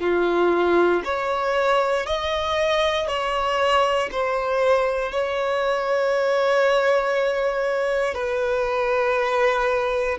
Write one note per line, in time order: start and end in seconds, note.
0.00 1.02 F4
1.04 2.06 C#5
2.06 3.07 D#5
3.07 4.09 C#5
4.11 5.12 C5
5.12 8.14 C#5
8.14 10.17 B4